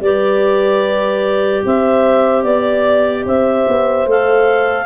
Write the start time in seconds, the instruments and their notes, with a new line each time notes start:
0.00 tuba G3, clarinet G4 D5, horn B4
1.65 tuba C4, horn C5, clarinet E5
2.43 tuba B3, clarinet D5, horn D5
3.26 tuba C4, horn C5, clarinet E5
3.68 tuba B3
4.06 tuba A3, clarinet A4 F5